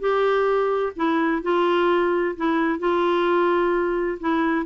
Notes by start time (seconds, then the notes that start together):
0.00 G4
0.96 E4
1.43 F4
2.37 E4
2.79 F4
4.20 E4